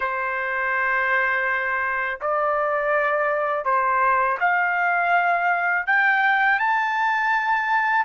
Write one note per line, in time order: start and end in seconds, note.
0.00 2.20 C5
2.20 3.65 D5
3.65 4.38 C5
4.39 5.86 F5
5.86 6.59 G5
6.59 8.05 A5